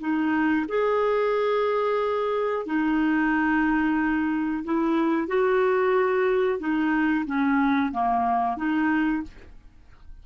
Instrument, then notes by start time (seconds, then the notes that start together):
clarinet
0.00 D#4
0.68 G#4
2.66 D#4
4.64 E4
5.28 F#4
6.59 D#4
7.26 C#4
7.92 A#3
8.57 D#4